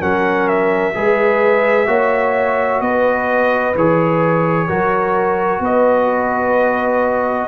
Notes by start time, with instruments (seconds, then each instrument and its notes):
0.00 tuba F#3, trombone C#4, horn A#4, trumpet F#5
0.48 trumpet E5
0.94 tuba G#3, trombone G#4, horn B4
1.87 tuba A#3, trombone F#4, horn C#5
2.81 tuba B3, horn B4, trumpet D#5
3.75 tuba E3, trombone G#4, trumpet C#5
4.68 tuba F#3, trombone F#4, horn A#4
5.60 tuba B3, horn B4, trumpet D#5